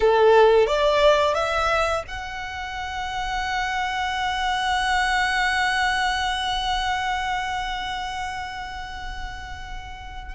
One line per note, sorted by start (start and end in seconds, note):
0.00 0.66 A4
0.66 1.34 D5
1.34 2.03 E5
2.07 10.34 F#5